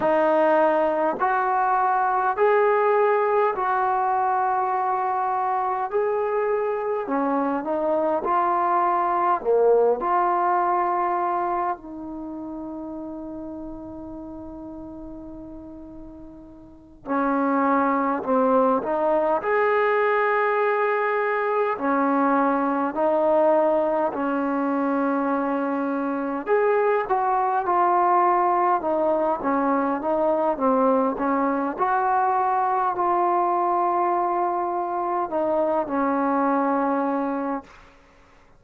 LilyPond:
\new Staff \with { instrumentName = "trombone" } { \time 4/4 \tempo 4 = 51 dis'4 fis'4 gis'4 fis'4~ | fis'4 gis'4 cis'8 dis'8 f'4 | ais8 f'4. dis'2~ | dis'2~ dis'8 cis'4 c'8 |
dis'8 gis'2 cis'4 dis'8~ | dis'8 cis'2 gis'8 fis'8 f'8~ | f'8 dis'8 cis'8 dis'8 c'8 cis'8 fis'4 | f'2 dis'8 cis'4. | }